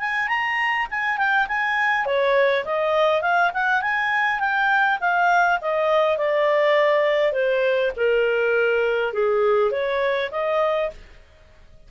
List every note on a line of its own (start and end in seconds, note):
0.00 0.28 G#5
0.28 0.87 A#5
0.91 1.18 G#5
1.18 1.47 G5
1.48 2.06 G#5
2.06 2.65 C#5
2.65 3.22 D#5
3.22 3.51 F5
3.54 3.82 F#5
3.82 4.40 G#5
4.40 4.99 G5
5.01 5.59 F5
5.61 6.18 D#5
6.18 7.33 D5
7.33 7.92 C5
7.97 9.14 A#4
9.14 9.72 G#4
9.72 10.30 C#5
10.32 10.91 D#5